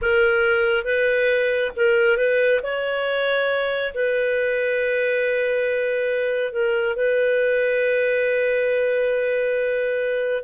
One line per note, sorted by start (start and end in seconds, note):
0.01 0.84 A#4
0.84 1.71 B4
1.75 2.17 A#4
2.17 2.60 B4
2.62 3.93 C#5
3.94 6.52 B4
6.52 6.96 A#4
6.96 10.43 B4